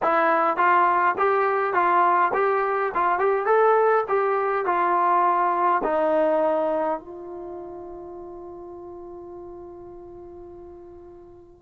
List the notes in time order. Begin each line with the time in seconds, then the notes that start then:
0.02 E4
0.57 F4
1.18 G4
1.73 F4
2.33 G4
2.94 F4
3.19 G4
3.46 A4
4.08 G4
4.65 F4
5.83 D#4
6.99 F4